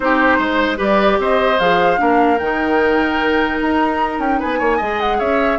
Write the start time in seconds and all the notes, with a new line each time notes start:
0.00 C4 D#4 G4 C5
0.37 G#3 C5
0.76 G3 G4 B4 D5
1.19 C4 C5 D#5
1.59 F3 G#4 F5
1.97 A#3 D4 A#4
2.38 D#3 D#4 G5
3.61 D#4 A#5
4.18 C#4 G5
4.39 B3 B4 G#5
4.58 A#3 C#5
4.77 G#3 G#4 D#5
5.00 F#5
5.18 C#4 C#5 E5